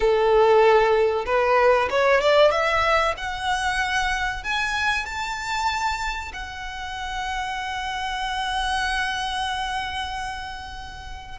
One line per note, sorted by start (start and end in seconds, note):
0.00 1.25 A4
1.25 1.88 B4
1.90 2.20 C#5
2.20 2.51 D5
2.51 3.14 E5
3.17 4.43 F#5
4.43 5.05 G#5
5.05 6.32 A5
6.33 11.38 F#5